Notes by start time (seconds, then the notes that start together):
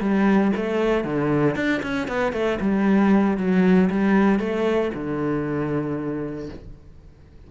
0.00 G3
0.56 A3
1.04 D3
1.55 D4
1.82 C#4
2.08 B3
2.33 A3
2.61 G3
3.37 F#3
3.90 G3
4.39 A3
4.94 D3